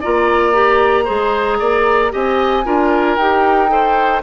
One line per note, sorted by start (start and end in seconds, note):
0.00 1.09 A#3
0.00 0.53 F4
0.00 1.04 D5
0.00 2.12 A#5
0.53 1.05 G4
1.04 1.59 G#3
1.04 2.11 G#4
1.04 1.57 C5
1.59 2.12 A#3
1.59 2.11 D5
2.11 2.65 C4
2.11 2.63 G4
2.11 2.64 D#5
2.11 3.16 G#5
2.64 3.17 D4
2.64 3.17 F4
2.64 3.70 A#4
3.16 4.22 D#4
3.16 3.68 G4
3.16 4.21 G5
3.68 4.21 A4
3.68 4.22 C5